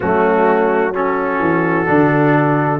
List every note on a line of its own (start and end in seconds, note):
0.00 1.39 F#3
0.00 0.94 A3
0.00 0.91 C#4
0.00 0.94 F#4
0.93 1.86 C#4
0.93 2.80 F#4
0.93 2.80 A4
1.39 1.86 E3
1.86 2.80 D3
1.86 2.79 D4